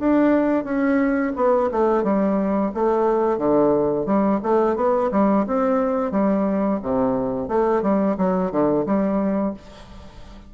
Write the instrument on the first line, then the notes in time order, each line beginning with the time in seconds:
bassoon
0.00 D4
0.64 C#4
1.36 B3
1.72 A3
2.04 G3
2.75 A3
3.38 D3
4.06 G3
4.43 A3
4.76 B3
5.12 G3
5.47 C4
6.12 G3
6.82 C3
7.49 A3
7.83 G3
8.18 F#3
8.52 D3
8.86 G3